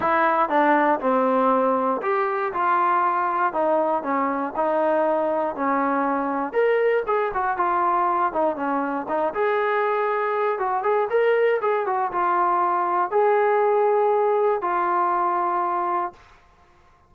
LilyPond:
\new Staff \with { instrumentName = "trombone" } { \time 4/4 \tempo 4 = 119 e'4 d'4 c'2 | g'4 f'2 dis'4 | cis'4 dis'2 cis'4~ | cis'4 ais'4 gis'8 fis'8 f'4~ |
f'8 dis'8 cis'4 dis'8 gis'4.~ | gis'4 fis'8 gis'8 ais'4 gis'8 fis'8 | f'2 gis'2~ | gis'4 f'2. | }